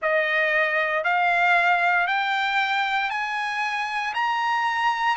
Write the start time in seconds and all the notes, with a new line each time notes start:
0.01 D#5
1.03 F5
2.07 G5
3.10 G#5
4.14 A#5